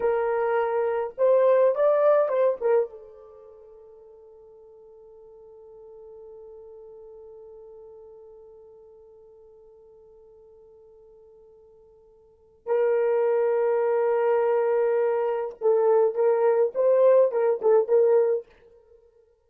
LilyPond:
\new Staff \with { instrumentName = "horn" } { \time 4/4 \tempo 4 = 104 ais'2 c''4 d''4 | c''8 ais'8 a'2.~ | a'1~ | a'1~ |
a'1~ | a'2 ais'2~ | ais'2. a'4 | ais'4 c''4 ais'8 a'8 ais'4 | }